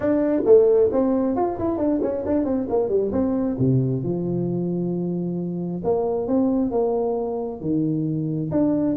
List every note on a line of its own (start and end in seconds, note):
0.00 0.43 D4
0.45 0.90 A3
0.92 1.36 C4
1.36 1.58 F4
1.59 1.77 E4
1.77 1.99 D4
2.02 2.24 C#4
2.26 2.44 D4
2.44 2.67 C4
2.69 2.88 A#3
2.88 3.11 G3
3.11 3.56 C4
3.58 4.03 C3
4.03 5.82 F3
5.84 6.27 A#3
6.27 6.71 C4
6.71 7.60 A#3
7.60 8.50 D#3
8.51 8.96 D4